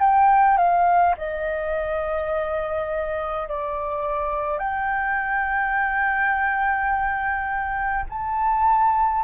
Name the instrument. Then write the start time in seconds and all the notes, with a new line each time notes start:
flute
0.00 G5
0.58 F5
1.17 D#5
3.49 D5
4.59 G5
8.09 A5